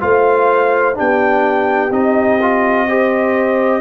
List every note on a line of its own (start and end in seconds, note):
0.00 0.98 A3
0.00 0.94 F4
0.00 0.96 C5
0.00 0.96 F5
0.94 1.90 B3
0.94 1.89 D4
0.94 2.87 G4
0.94 1.92 G5
1.90 3.81 C4
1.90 2.39 D#4
1.90 3.81 D#5
2.41 2.88 F4
2.88 3.81 G4
2.88 3.81 C5